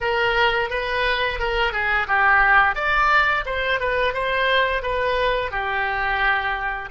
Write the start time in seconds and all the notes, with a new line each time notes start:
0.01 A#4
0.70 B4
1.39 A#4
1.72 G#4
2.07 G4
2.75 D5
3.45 C5
3.80 B4
4.13 C5
4.82 B4
5.51 G4